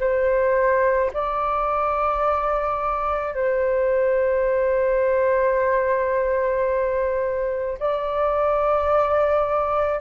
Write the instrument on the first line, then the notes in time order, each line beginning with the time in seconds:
flute
0.00 C5
1.14 D5
3.35 C5
7.80 D5